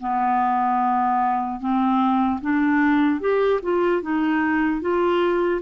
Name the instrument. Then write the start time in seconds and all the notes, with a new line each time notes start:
clarinet
0.00 B3
1.60 C4
2.41 D4
3.20 G4
3.63 F4
4.02 D#4
4.81 F4